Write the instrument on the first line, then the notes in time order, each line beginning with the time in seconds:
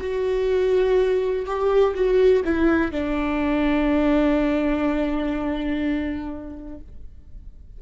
viola
0.00 F#4
1.46 G4
1.94 F#4
2.45 E4
2.91 D4